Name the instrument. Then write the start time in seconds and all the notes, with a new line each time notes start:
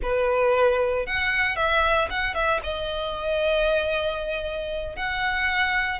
violin
0.02 B4
1.06 F#5
1.56 E5
2.09 F#5
2.34 E5
2.63 D#5
4.96 F#5